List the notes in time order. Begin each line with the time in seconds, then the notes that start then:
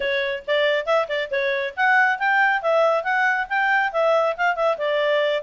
0.00 C#5
0.47 D5
0.86 E5
1.08 D5
1.30 C#5
1.76 F#5
2.18 G5
2.62 E5
3.03 F#5
3.49 G5
3.92 E5
4.37 F5
4.55 E5
4.77 D5